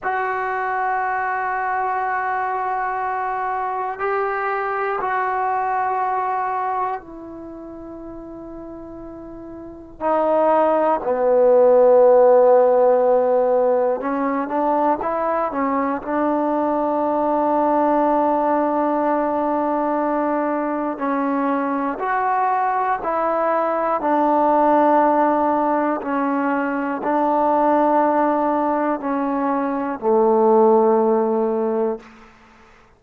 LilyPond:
\new Staff \with { instrumentName = "trombone" } { \time 4/4 \tempo 4 = 60 fis'1 | g'4 fis'2 e'4~ | e'2 dis'4 b4~ | b2 cis'8 d'8 e'8 cis'8 |
d'1~ | d'4 cis'4 fis'4 e'4 | d'2 cis'4 d'4~ | d'4 cis'4 a2 | }